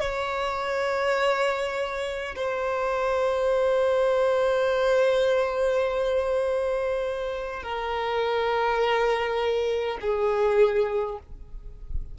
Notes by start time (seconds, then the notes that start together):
0.00 C#5
2.35 C5
7.63 A#4
10.01 G#4